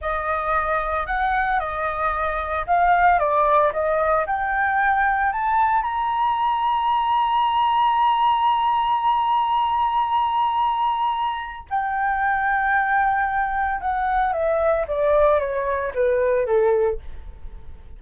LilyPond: \new Staff \with { instrumentName = "flute" } { \time 4/4 \tempo 4 = 113 dis''2 fis''4 dis''4~ | dis''4 f''4 d''4 dis''4 | g''2 a''4 ais''4~ | ais''1~ |
ais''1~ | ais''2 g''2~ | g''2 fis''4 e''4 | d''4 cis''4 b'4 a'4 | }